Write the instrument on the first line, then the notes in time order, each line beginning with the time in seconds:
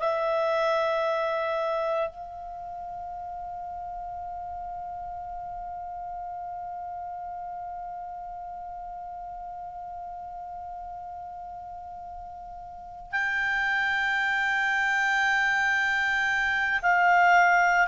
clarinet
0.00 E5
2.10 F5
13.12 G5
16.83 F5